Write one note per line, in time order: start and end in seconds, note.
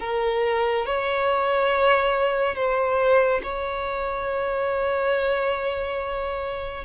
0.00 0.86 A#4
0.86 2.56 C#5
2.56 3.41 C5
3.43 6.85 C#5